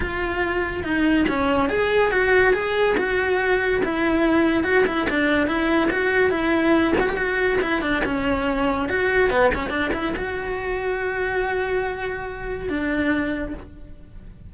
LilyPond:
\new Staff \with { instrumentName = "cello" } { \time 4/4 \tempo 4 = 142 f'2 dis'4 cis'4 | gis'4 fis'4 gis'4 fis'4~ | fis'4 e'2 fis'8 e'8 | d'4 e'4 fis'4 e'4~ |
e'8 fis'16 g'16 fis'4 e'8 d'8 cis'4~ | cis'4 fis'4 b8 cis'8 d'8 e'8 | fis'1~ | fis'2 d'2 | }